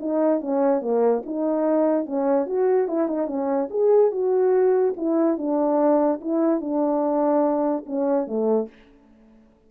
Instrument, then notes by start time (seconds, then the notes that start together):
horn
0.00 D#4
0.41 C#4
0.81 A#3
1.26 D#4
2.06 C#4
2.46 F#4
2.88 E4
3.08 D#4
3.27 C#4
3.70 G#4
4.12 F#4
4.97 E4
5.38 D4
6.21 E4
6.61 D4
7.86 C#4
8.27 A3